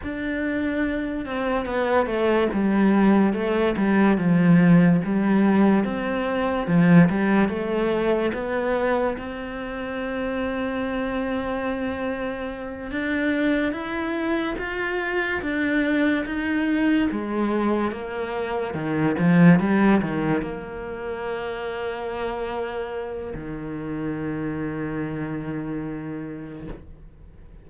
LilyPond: \new Staff \with { instrumentName = "cello" } { \time 4/4 \tempo 4 = 72 d'4. c'8 b8 a8 g4 | a8 g8 f4 g4 c'4 | f8 g8 a4 b4 c'4~ | c'2.~ c'8 d'8~ |
d'8 e'4 f'4 d'4 dis'8~ | dis'8 gis4 ais4 dis8 f8 g8 | dis8 ais2.~ ais8 | dis1 | }